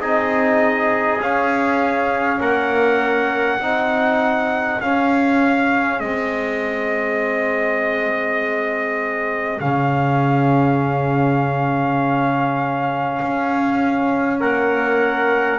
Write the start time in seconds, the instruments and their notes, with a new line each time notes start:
0.00 double bass C4, trombone D#4, trumpet G#4 D#5
1.20 double bass C#4, trombone C#4, trumpet F5
2.40 double bass A#3, trumpet A#4 F#5
3.59 double bass C4, trombone D#4, trumpet G#4
4.80 double bass C#4, trombone C#4, trumpet F5
6.00 double bass G#3, trombone C4, trumpet D#5
9.60 double bass C#3, trombone C#4, trumpet F5
13.22 double bass C#4
14.40 double bass A#3, trumpet A#4 F#5